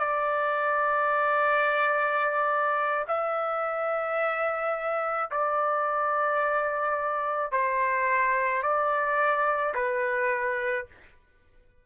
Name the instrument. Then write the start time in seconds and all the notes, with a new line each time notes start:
trumpet
0.00 D5
3.08 E5
5.31 D5
7.52 C5
8.63 D5
9.75 B4